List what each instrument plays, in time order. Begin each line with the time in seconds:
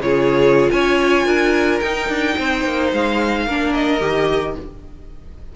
0.00 cello C#3, viola F4, violin G#4 C#5
0.70 cello C#4, violin C#5 G#5
1.25 cello D4, violin A#4
1.79 cello D#4, viola D#4, violin G5
2.08 cello D4
2.37 cello C4, violin C5
2.64 cello A#3
2.92 cello G#3, violin F5
3.46 cello A#3, viola D4, violin A#4
3.73 violin D#5
4.00 cello D#3, viola G4